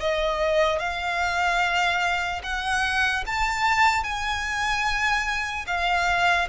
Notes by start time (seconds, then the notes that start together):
0.00 D#5
0.79 F5
2.43 F#5
3.27 A5
4.04 G#5
5.67 F5